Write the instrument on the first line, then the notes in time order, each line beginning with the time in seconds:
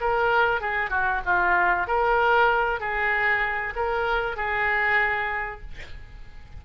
oboe
0.00 A#4
0.61 G#4
0.90 F#4
1.25 F4
1.87 A#4
2.80 G#4
3.75 A#4
4.36 G#4